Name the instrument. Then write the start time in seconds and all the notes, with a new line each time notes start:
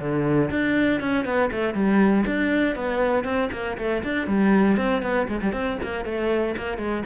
cello
0.00 D3
0.51 D4
1.01 C#4
1.25 B3
1.51 A3
1.74 G3
2.26 D4
2.76 B3
3.24 C4
3.52 A#3
3.78 A3
4.04 D4
4.27 G3
4.77 C4
5.02 B3
5.28 G#3
5.42 G3
5.53 C4
5.83 A#3
6.05 A3
6.57 A#3
6.78 G#3